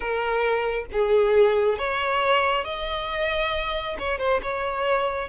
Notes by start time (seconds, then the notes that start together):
0.00 A#4
0.92 G#4
1.78 C#5
2.64 D#5
3.99 C#5
4.18 C5
4.42 C#5